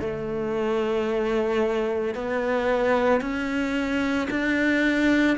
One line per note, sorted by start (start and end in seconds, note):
0.00 2.14 A3
2.14 3.21 B3
3.21 4.28 C#4
4.30 5.37 D4